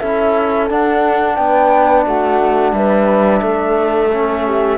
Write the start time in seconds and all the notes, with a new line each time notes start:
0.00 C#4 E4 A4 E5
0.69 D4 F#5
1.36 B3 B4 G5
2.07 A3 F#4 F#5
2.73 G3 B4 E5
3.41 A3 A4
4.13 C#4
4.46 G4